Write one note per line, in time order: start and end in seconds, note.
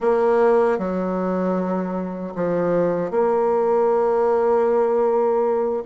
0.00 0.78 A#3
0.78 2.34 F#3
2.35 3.10 F3
3.10 5.83 A#3